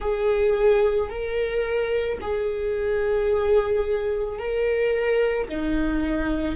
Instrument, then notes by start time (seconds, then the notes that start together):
viola
0.00 G#4
1.09 A#4
2.21 G#4
4.38 A#4
5.48 D#4